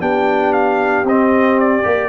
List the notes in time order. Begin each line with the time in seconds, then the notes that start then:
0.00 B3 D4 G4 G5
0.53 F5
1.04 C4 D#5
1.60 D5
1.83 A#3 G4